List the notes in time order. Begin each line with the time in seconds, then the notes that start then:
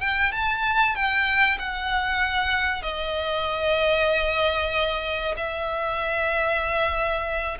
0.00 G5
0.32 A5
0.95 G5
1.58 F#5
2.82 D#5
5.37 E5